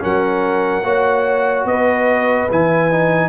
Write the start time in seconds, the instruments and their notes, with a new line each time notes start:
0.00 tuba F#3, trombone C#4, horn A#4, trumpet F#5
0.82 tuba A#3, trombone F#4, horn C#5
1.64 tuba B3, horn B4, trumpet D#5
2.50 tuba E3, trombone E4, trumpet G#5
2.91 trombone D#4